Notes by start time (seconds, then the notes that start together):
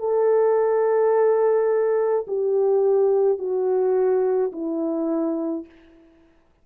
0.00 A4
2.28 G4
3.39 F#4
4.53 E4